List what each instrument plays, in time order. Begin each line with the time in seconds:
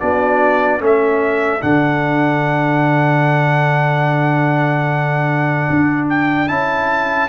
0.00 tuba B3, trombone D4, horn F#4, trumpet D5
0.79 tuba A3, trombone C#4, horn A4
0.86 trumpet E5
1.61 tuba D3, trombone D4, trumpet F#5
5.70 tuba D4
6.10 trumpet G5
6.48 tuba C#4, trombone E4, trumpet A5